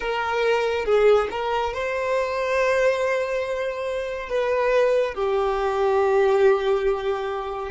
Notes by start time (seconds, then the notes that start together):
0.00 A#4
0.85 G#4
1.31 A#4
1.73 C5
4.29 B4
5.14 G4